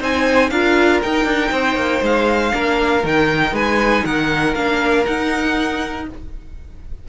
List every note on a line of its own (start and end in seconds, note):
0.00 0.51 C4
0.00 0.51 D#4
0.00 0.50 C5
0.00 0.50 G#5
0.50 1.02 D4
0.50 1.04 F4
0.50 1.52 A#4
0.50 1.01 F5
1.03 2.51 D#4
1.03 1.25 D#4
1.03 2.04 G5
1.25 1.50 D4
1.51 1.76 C4
1.51 2.53 C5
1.76 2.01 A#3
2.03 2.53 G#3
2.03 3.06 F5
2.51 3.04 A#3
2.51 3.02 D4
2.51 3.53 A#4
3.04 3.53 D#3
3.04 4.56 D#4
3.04 3.56 G5
3.53 4.03 G#3
3.53 4.04 B4
3.53 4.06 G#5
4.05 4.56 D#3
4.05 6.07 A#4
4.05 4.55 F#5
4.55 5.06 A#3
4.55 5.05 D4
4.55 5.05 F5
5.05 6.06 D#4
5.05 6.09 D#4
5.05 6.08 F#5